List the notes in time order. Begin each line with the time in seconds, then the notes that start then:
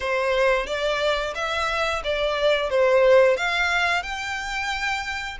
0.00 C5
0.66 D5
1.35 E5
2.03 D5
2.70 C5
3.36 F5
4.03 G5